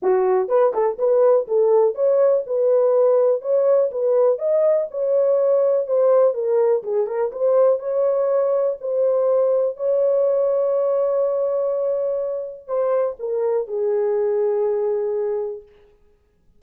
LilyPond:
\new Staff \with { instrumentName = "horn" } { \time 4/4 \tempo 4 = 123 fis'4 b'8 a'8 b'4 a'4 | cis''4 b'2 cis''4 | b'4 dis''4 cis''2 | c''4 ais'4 gis'8 ais'8 c''4 |
cis''2 c''2 | cis''1~ | cis''2 c''4 ais'4 | gis'1 | }